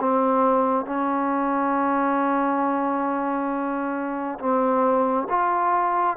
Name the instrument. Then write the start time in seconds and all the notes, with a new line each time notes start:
trombone
0.00 C4
0.86 C#4
4.39 C4
5.29 F4